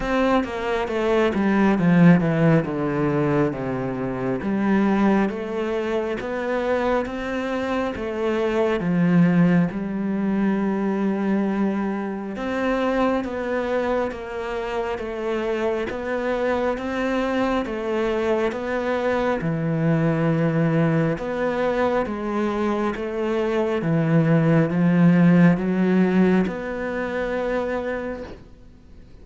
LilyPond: \new Staff \with { instrumentName = "cello" } { \time 4/4 \tempo 4 = 68 c'8 ais8 a8 g8 f8 e8 d4 | c4 g4 a4 b4 | c'4 a4 f4 g4~ | g2 c'4 b4 |
ais4 a4 b4 c'4 | a4 b4 e2 | b4 gis4 a4 e4 | f4 fis4 b2 | }